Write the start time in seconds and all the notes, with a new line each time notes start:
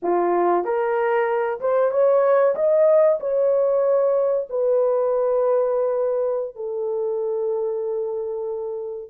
0.02 F4
0.64 A#4
1.60 C5
1.91 C#5
2.55 D#5
3.19 C#5
4.49 B4
6.55 A4